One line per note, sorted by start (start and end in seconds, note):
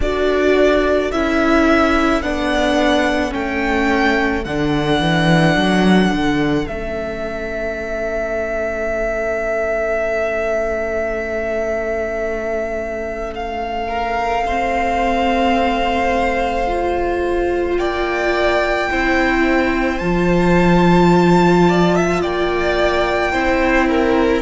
0.00 1.11 D4
0.00 1.12 F#4
0.00 13.88 A4
0.00 1.11 D5
1.11 2.22 C#4
1.11 2.23 E4
1.11 2.22 E5
2.22 3.33 B3
2.22 3.31 D4
2.22 3.33 F#5
3.31 4.45 A3
3.31 4.42 C#4
3.31 4.44 G5
4.44 5.00 D3
4.44 6.65 D4
4.44 6.66 F#5
5.00 5.55 E3
5.55 6.11 F#3
6.12 6.67 D3
6.65 17.77 A3
6.65 14.43 C#4
6.65 13.33 E5
13.34 17.77 F5
13.88 14.43 A#4
14.46 16.67 C4
14.46 17.78 C5
16.67 18.89 F4
17.77 18.88 A#3
17.77 18.89 D5
17.77 19.98 G5
18.89 20.00 C4
18.89 20.00 E4
18.89 21.68 C5
19.98 22.22 F3
19.98 23.32 F4
19.98 22.20 A5
21.68 21.95 D5
21.95 22.21 E5
22.21 23.33 A#3
22.21 23.32 D5
22.21 24.41 G5
23.32 24.41 C4
23.32 24.41 E4
23.32 23.87 C5
23.89 24.41 A#4